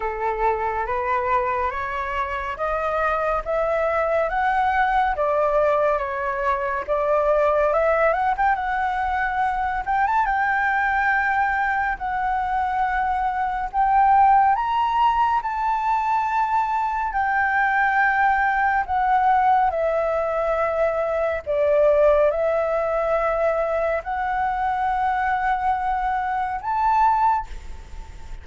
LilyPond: \new Staff \with { instrumentName = "flute" } { \time 4/4 \tempo 4 = 70 a'4 b'4 cis''4 dis''4 | e''4 fis''4 d''4 cis''4 | d''4 e''8 fis''16 g''16 fis''4. g''16 a''16 | g''2 fis''2 |
g''4 ais''4 a''2 | g''2 fis''4 e''4~ | e''4 d''4 e''2 | fis''2. a''4 | }